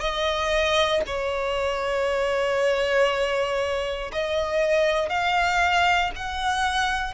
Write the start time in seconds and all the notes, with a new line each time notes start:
0.00 D#5
1.06 C#5
4.12 D#5
5.09 F5
6.16 F#5